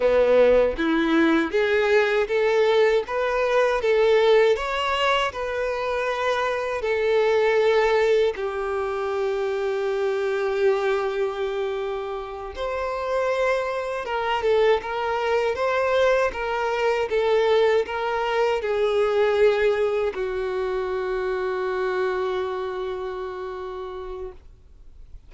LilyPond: \new Staff \with { instrumentName = "violin" } { \time 4/4 \tempo 4 = 79 b4 e'4 gis'4 a'4 | b'4 a'4 cis''4 b'4~ | b'4 a'2 g'4~ | g'1~ |
g'8 c''2 ais'8 a'8 ais'8~ | ais'8 c''4 ais'4 a'4 ais'8~ | ais'8 gis'2 fis'4.~ | fis'1 | }